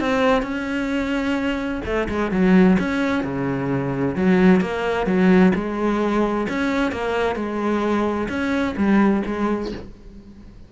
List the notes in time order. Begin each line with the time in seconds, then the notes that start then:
0.00 C4
0.43 C#4
1.85 A3
2.09 G#3
2.31 F#3
2.79 C#4
3.23 C#3
4.16 F#3
4.61 A#3
5.06 F#3
5.55 G#3
6.49 C#4
6.91 A#3
7.36 G#3
8.29 C#4
8.77 G3
9.26 G#3